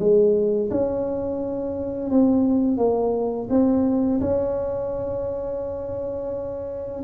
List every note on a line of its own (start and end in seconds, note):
0.00 0.71 G#3
0.71 2.11 C#4
2.11 2.78 C4
2.78 3.49 A#3
3.50 4.21 C4
4.21 7.03 C#4